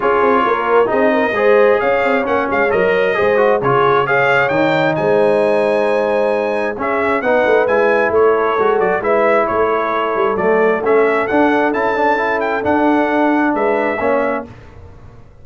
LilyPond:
<<
  \new Staff \with { instrumentName = "trumpet" } { \time 4/4 \tempo 4 = 133 cis''2 dis''2 | f''4 fis''8 f''8 dis''2 | cis''4 f''4 g''4 gis''4~ | gis''2. e''4 |
fis''4 gis''4 cis''4. d''8 | e''4 cis''2 d''4 | e''4 fis''4 a''4. g''8 | fis''2 e''2 | }
  \new Staff \with { instrumentName = "horn" } { \time 4/4 gis'4 ais'4 gis'8 ais'8 c''4 | cis''2. c''4 | gis'4 cis''2 c''4~ | c''2. gis'4 |
b'2 a'2 | b'4 a'2.~ | a'1~ | a'2 b'4 cis''4 | }
  \new Staff \with { instrumentName = "trombone" } { \time 4/4 f'2 dis'4 gis'4~ | gis'4 cis'4 ais'4 gis'8 fis'8 | f'4 gis'4 dis'2~ | dis'2. cis'4 |
dis'4 e'2 fis'4 | e'2. a4 | cis'4 d'4 e'8 d'8 e'4 | d'2. cis'4 | }
  \new Staff \with { instrumentName = "tuba" } { \time 4/4 cis'8 c'8 ais4 c'4 gis4 | cis'8 c'8 ais8 gis8 fis4 gis4 | cis2 dis4 gis4~ | gis2. cis'4 |
b8 a8 gis4 a4 gis8 fis8 | gis4 a4. g8 fis4 | a4 d'4 cis'2 | d'2 gis4 ais4 | }
>>